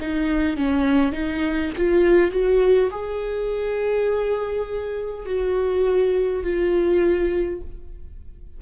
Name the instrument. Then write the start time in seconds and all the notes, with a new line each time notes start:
viola
0.00 D#4
0.56 C#4
1.12 D#4
1.77 F4
2.32 F#4
2.90 G#4
5.26 F#4
6.43 F4